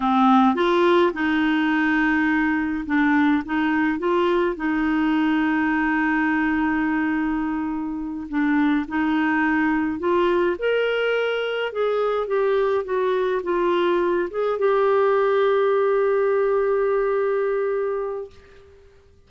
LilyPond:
\new Staff \with { instrumentName = "clarinet" } { \time 4/4 \tempo 4 = 105 c'4 f'4 dis'2~ | dis'4 d'4 dis'4 f'4 | dis'1~ | dis'2~ dis'8 d'4 dis'8~ |
dis'4. f'4 ais'4.~ | ais'8 gis'4 g'4 fis'4 f'8~ | f'4 gis'8 g'2~ g'8~ | g'1 | }